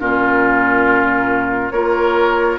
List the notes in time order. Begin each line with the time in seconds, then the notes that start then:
0.00 A#2 C#4 F4 A#4
1.71 A#3 F4 A#4 C#5